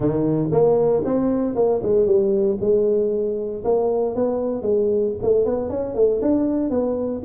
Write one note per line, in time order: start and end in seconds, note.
0.00 0.50 D#3
0.51 1.03 A#3
1.05 1.55 C4
1.55 1.81 A#3
1.82 2.06 G#3
2.06 2.57 G3
2.60 3.63 G#3
3.64 4.15 A#3
4.15 4.62 B3
4.62 5.13 G#3
5.22 5.45 A3
5.45 5.69 B3
5.69 5.95 C#4
5.95 6.20 A3
6.21 6.70 D4
6.70 7.22 B3